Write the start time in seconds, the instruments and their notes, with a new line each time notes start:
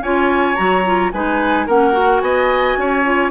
0.00 bassoon C#4, clarinet F4, oboe C#5, flute G#5
0.55 bassoon F#3, clarinet F#4, flute A#5
0.85 clarinet F4
1.12 bassoon G#3, clarinet D#4, oboe B4, flute G#5
1.66 bassoon A#3, clarinet C#4, oboe A#4, flute F#5
1.92 clarinet F#4
2.20 bassoon B3, oboe D#5, flute G#5
2.77 bassoon C#4, oboe C#5
3.04 clarinet F4